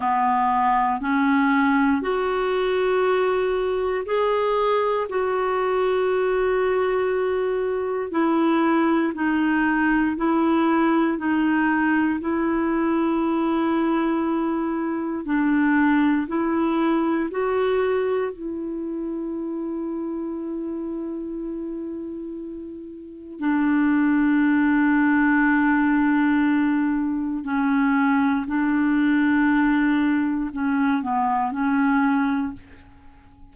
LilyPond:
\new Staff \with { instrumentName = "clarinet" } { \time 4/4 \tempo 4 = 59 b4 cis'4 fis'2 | gis'4 fis'2. | e'4 dis'4 e'4 dis'4 | e'2. d'4 |
e'4 fis'4 e'2~ | e'2. d'4~ | d'2. cis'4 | d'2 cis'8 b8 cis'4 | }